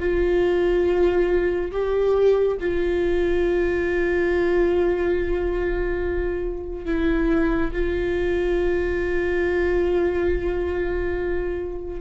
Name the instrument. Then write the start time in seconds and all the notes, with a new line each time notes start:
viola
0.00 F4
1.72 G4
2.60 F4
6.86 E4
7.73 F4